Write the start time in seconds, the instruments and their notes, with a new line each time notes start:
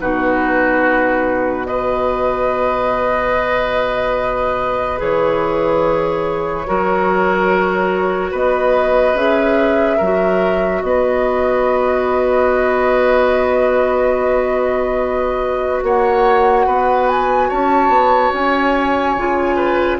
0.00 bassoon B2, clarinet D#4, oboe F#4, flute B4
1.66 clarinet F#4, oboe B4, flute D#5
4.98 bassoon E3, clarinet G#4, flute C#5
6.67 bassoon F#3, clarinet F#4, oboe A#4
8.31 bassoon B3, oboe B4, flute D#5
9.14 bassoon C#4, clarinet G#4, flute E5
9.97 bassoon F#3, clarinet F#4, oboe A#4
10.82 bassoon B3, oboe B4, flute D#5
15.83 bassoon A#3, oboe C#5, flute F#5
16.66 bassoon B3, oboe B4
17.09 flute G#5
17.49 bassoon C#4, oboe C#5, flute A5
17.89 bassoon B3
18.34 bassoon C#4, flute G#5
19.17 bassoon C#3, clarinet F4
19.56 oboe B4